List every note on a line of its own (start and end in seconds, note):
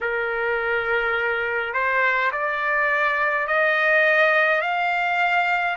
0.01 1.73 A#4
1.73 2.31 C5
2.32 3.47 D5
3.47 4.61 D#5
4.61 5.76 F5